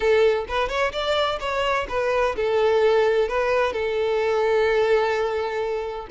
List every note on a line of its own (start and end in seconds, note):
0.00 0.45 A4
0.48 0.68 B4
0.68 0.92 C#5
0.92 1.39 D5
1.40 1.86 C#5
1.88 2.35 B4
2.36 3.28 A4
3.28 3.72 B4
3.72 6.07 A4